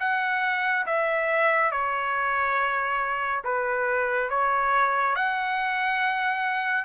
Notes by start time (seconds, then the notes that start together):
0.00 F#5
0.86 E5
1.71 C#5
3.44 B4
4.30 C#5
5.15 F#5